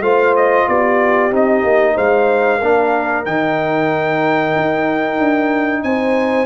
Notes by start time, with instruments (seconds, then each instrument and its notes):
0.00 tuba A3, trombone F4, horn C5, trumpet F5
0.36 trumpet D#5
0.68 tuba B3, horn G4, trumpet D5
1.31 tuba C4, trombone D#4, trumpet D#5
1.63 tuba A#3
1.94 tuba G#3, horn C5, trumpet F5
2.58 tuba A#3, trombone D4, horn A#4
3.25 tuba D#3, trombone D#4, trumpet G5
4.55 tuba D#4
5.18 tuba D4
5.83 tuba C4, horn C5, trumpet G#5